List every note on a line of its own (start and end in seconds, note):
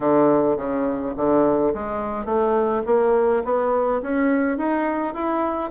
0.00 0.57 D3
0.57 1.14 C#3
1.16 1.73 D3
1.74 2.25 G#3
2.25 2.82 A3
2.85 3.43 A#3
3.44 4.01 B3
4.02 4.57 C#4
4.57 5.14 D#4
5.14 5.70 E4